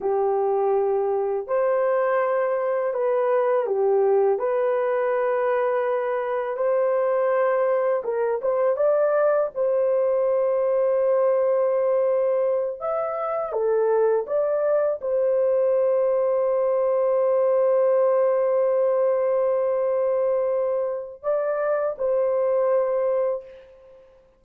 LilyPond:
\new Staff \with { instrumentName = "horn" } { \time 4/4 \tempo 4 = 82 g'2 c''2 | b'4 g'4 b'2~ | b'4 c''2 ais'8 c''8 | d''4 c''2.~ |
c''4. e''4 a'4 d''8~ | d''8 c''2.~ c''8~ | c''1~ | c''4 d''4 c''2 | }